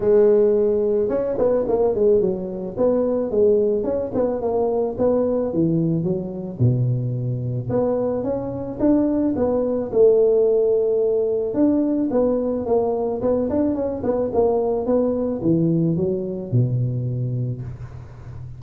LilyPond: \new Staff \with { instrumentName = "tuba" } { \time 4/4 \tempo 4 = 109 gis2 cis'8 b8 ais8 gis8 | fis4 b4 gis4 cis'8 b8 | ais4 b4 e4 fis4 | b,2 b4 cis'4 |
d'4 b4 a2~ | a4 d'4 b4 ais4 | b8 d'8 cis'8 b8 ais4 b4 | e4 fis4 b,2 | }